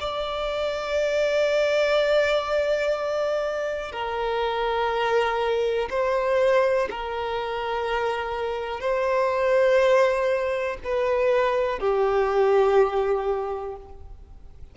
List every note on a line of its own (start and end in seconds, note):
0.00 3.92 D5
3.92 5.88 A#4
5.90 6.88 C5
6.90 8.80 A#4
8.80 10.77 C5
10.84 11.79 B4
11.79 13.76 G4